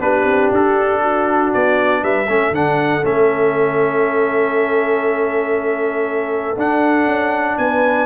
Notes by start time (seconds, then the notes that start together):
0.00 B3 D4 G4 B4
0.24 C4
0.51 D4 A4
1.02 F#4
1.53 B3 D5
2.03 G3 B4 E5
2.28 A3 C#4 A4
2.51 D3 D4 F#5
3.03 A3 C#4 E5
6.57 D4 F#5
7.07 C#4
7.58 B3 B4 G#5